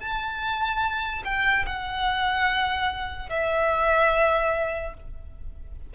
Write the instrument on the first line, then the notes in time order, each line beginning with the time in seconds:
violin
0.00 A5
1.25 G5
1.66 F#5
3.30 E5